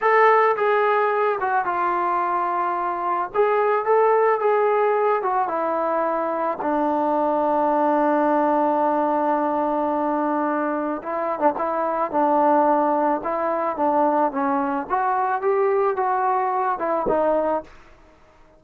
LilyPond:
\new Staff \with { instrumentName = "trombone" } { \time 4/4 \tempo 4 = 109 a'4 gis'4. fis'8 f'4~ | f'2 gis'4 a'4 | gis'4. fis'8 e'2 | d'1~ |
d'1 | e'8. d'16 e'4 d'2 | e'4 d'4 cis'4 fis'4 | g'4 fis'4. e'8 dis'4 | }